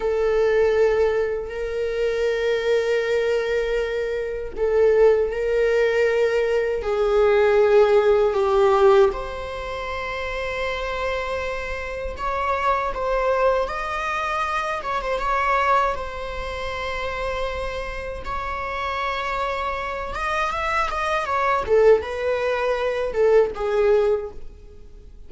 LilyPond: \new Staff \with { instrumentName = "viola" } { \time 4/4 \tempo 4 = 79 a'2 ais'2~ | ais'2 a'4 ais'4~ | ais'4 gis'2 g'4 | c''1 |
cis''4 c''4 dis''4. cis''16 c''16 | cis''4 c''2. | cis''2~ cis''8 dis''8 e''8 dis''8 | cis''8 a'8 b'4. a'8 gis'4 | }